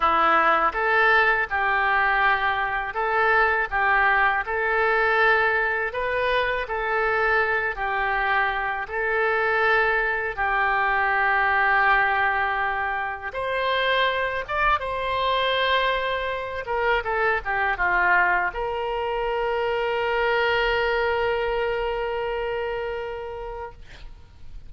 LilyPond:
\new Staff \with { instrumentName = "oboe" } { \time 4/4 \tempo 4 = 81 e'4 a'4 g'2 | a'4 g'4 a'2 | b'4 a'4. g'4. | a'2 g'2~ |
g'2 c''4. d''8 | c''2~ c''8 ais'8 a'8 g'8 | f'4 ais'2.~ | ais'1 | }